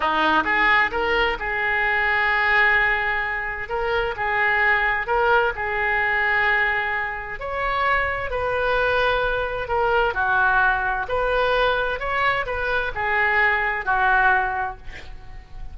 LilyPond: \new Staff \with { instrumentName = "oboe" } { \time 4/4 \tempo 4 = 130 dis'4 gis'4 ais'4 gis'4~ | gis'1 | ais'4 gis'2 ais'4 | gis'1 |
cis''2 b'2~ | b'4 ais'4 fis'2 | b'2 cis''4 b'4 | gis'2 fis'2 | }